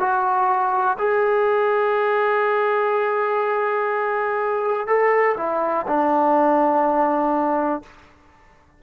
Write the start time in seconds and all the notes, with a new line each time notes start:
0.00 F#4
0.99 G#4
4.88 A4
5.38 E4
5.88 D4